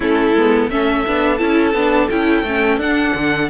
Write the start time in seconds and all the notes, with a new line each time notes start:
0.00 A3 C#4 E4 A4
0.34 G#3 B3
0.69 A3 C#4 A4 E5
1.07 B3 D4
1.38 C#4 E4 A5
1.73 B3 D4
2.09 C#4 E4 G5
2.42 A3 C#4
2.77 D4 F#5
3.14 D3